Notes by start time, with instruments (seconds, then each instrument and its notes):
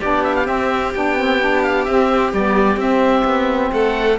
0.00 cello B3, saxophone D4, violin G4, oboe D5
0.24 oboe E5
0.35 oboe F5
0.45 saxophone C4, cello C4, oboe E5
0.95 cello B3, saxophone D4, oboe G5
1.18 saxophone C4
1.41 saxophone D4
1.63 oboe F5
1.85 saxophone C4, cello C4, oboe E5
2.34 cello G3, saxophone B3, oboe D5
2.77 cello C4, saxophone C4, oboe E5
3.25 cello B3
3.72 cello A3, violin A4, oboe F#5